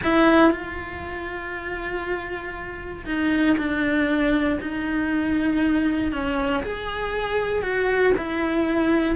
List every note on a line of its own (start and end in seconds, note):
0.03 0.51 E4
0.51 3.05 F4
3.05 3.56 D#4
3.57 4.59 D4
4.60 6.12 D#4
6.12 6.62 C#4
6.63 7.62 G#4
7.62 8.13 F#4
8.17 9.15 E4